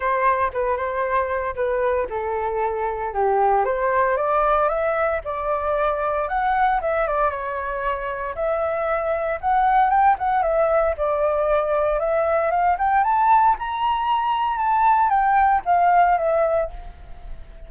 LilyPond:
\new Staff \with { instrumentName = "flute" } { \time 4/4 \tempo 4 = 115 c''4 b'8 c''4. b'4 | a'2 g'4 c''4 | d''4 e''4 d''2 | fis''4 e''8 d''8 cis''2 |
e''2 fis''4 g''8 fis''8 | e''4 d''2 e''4 | f''8 g''8 a''4 ais''2 | a''4 g''4 f''4 e''4 | }